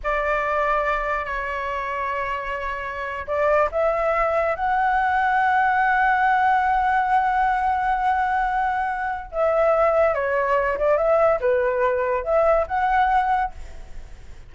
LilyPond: \new Staff \with { instrumentName = "flute" } { \time 4/4 \tempo 4 = 142 d''2. cis''4~ | cis''2.~ cis''8. d''16~ | d''8. e''2 fis''4~ fis''16~ | fis''1~ |
fis''1~ | fis''2 e''2 | cis''4. d''8 e''4 b'4~ | b'4 e''4 fis''2 | }